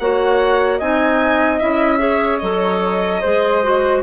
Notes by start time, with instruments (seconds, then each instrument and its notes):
0.00 bassoon A#3, clarinet F#4, flute C#5, violin F#5
0.78 bassoon C4, clarinet D#4, flute D#5, violin G#5
1.59 bassoon C#4, clarinet E4, violin E5
1.99 clarinet G#4, flute C#5
2.39 bassoon F#3, clarinet A4, violin D#5
3.22 bassoon G#3, clarinet G#4, flute C5
3.63 clarinet F#4